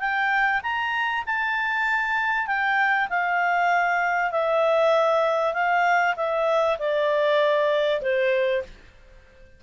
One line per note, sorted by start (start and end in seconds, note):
0.00 0.61 G5
0.63 1.24 A#5
1.26 2.47 A5
2.47 3.09 G5
3.10 4.31 F5
4.31 5.54 E5
5.54 6.15 F5
6.17 6.78 E5
6.79 8.02 D5
8.02 8.63 C5